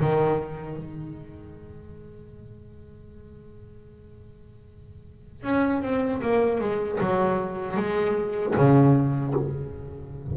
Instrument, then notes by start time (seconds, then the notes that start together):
double bass
0.00 D#3
0.77 G#3
5.43 C#4
5.82 C4
6.22 A#3
6.60 G#3
7.00 F#3
7.77 G#3
8.56 C#3